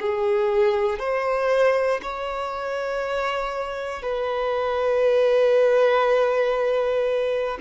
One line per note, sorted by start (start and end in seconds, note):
0.00 0.99 G#4
0.99 2.01 C5
2.02 4.02 C#5
4.02 7.58 B4